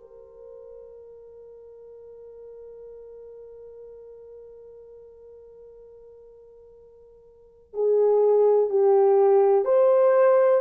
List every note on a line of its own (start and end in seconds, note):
0.00 7.73 A#4
7.73 8.70 G#4
8.70 9.65 G4
9.65 10.61 C5